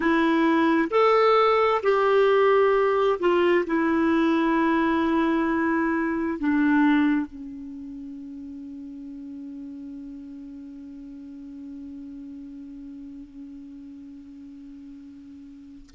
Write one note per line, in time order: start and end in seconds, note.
0.00 0.88 E4
0.90 1.81 A4
1.83 3.19 G4
3.19 3.64 F4
3.66 6.38 E4
6.38 7.26 D4
7.26 15.90 C#4